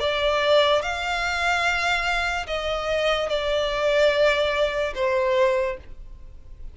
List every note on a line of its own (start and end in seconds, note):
0.00 0.82 D5
0.82 2.46 F5
2.47 3.29 D#5
3.29 4.94 D5
4.95 5.77 C5